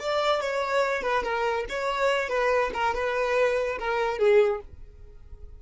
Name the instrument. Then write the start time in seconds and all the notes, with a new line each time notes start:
violin
0.00 D5
0.41 C#5
1.03 B4
1.24 A#4
1.70 C#5
2.29 B4
2.74 A#4
2.95 B4
3.79 A#4
4.19 G#4